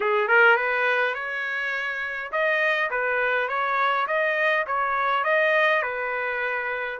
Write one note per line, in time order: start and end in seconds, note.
0.00 0.28 G#4
0.28 0.56 A#4
0.56 1.14 B4
1.14 2.31 C#5
2.31 2.90 D#5
2.90 3.48 B4
3.48 4.06 C#5
4.07 4.65 D#5
4.66 5.24 C#5
5.24 5.82 D#5
5.82 6.99 B4